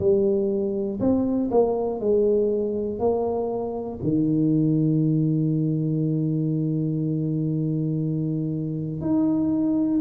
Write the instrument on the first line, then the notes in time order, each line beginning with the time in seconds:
tuba
0.00 G3
1.00 C4
1.51 A#3
2.01 G#3
3.00 A#3
4.03 D#3
9.01 D#4